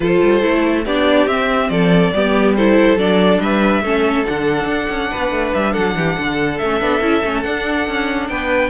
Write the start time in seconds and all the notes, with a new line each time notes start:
0.00 F3 F4 A4 C5
0.23 G3
0.41 A3 E4
0.85 B3 D4 G4 D5
1.27 C4 E5
1.69 F3 A4 D5
2.13 G3 B3 G4
2.55 E4 A4 C5
2.96 F#3 D4 D5
3.40 G3 B4 E5
3.81 A3 C#4 A4
4.25 D3 D4 F#5
4.65 D4
4.89 C#4
5.10 B3 B4
5.30 A3
5.54 G3 E5
5.72 F#3 A4 F#5
5.95 E3 G4
6.16 D3 A4
6.58 A3 C#4 E5
6.80 B3 D4
7.01 C#4 E4
7.24 A3 C#4
7.42 D4 F#5
7.87 C#4
8.29 B3 B4 G5